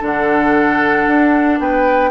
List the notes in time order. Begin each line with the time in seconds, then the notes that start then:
0.00 D3 D4 A4 F#5
1.07 D4
1.59 B3 B4 G5